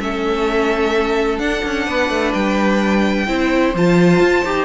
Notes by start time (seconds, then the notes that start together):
0.00 A3 C#4 A4 E5
1.39 D4 F#5
1.65 C#4
1.86 B3 B4
2.10 A3
2.34 G3 G5
3.27 C4 E4 C5
3.74 F3 F4 A5
4.20 F4
4.45 D#4 G4